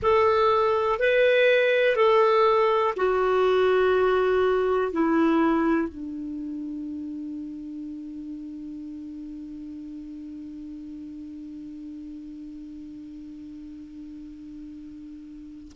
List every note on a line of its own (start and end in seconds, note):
0.02 0.99 A4
0.99 1.95 B4
1.95 2.94 A4
2.96 4.92 F#4
4.92 5.88 E4
5.88 15.72 D4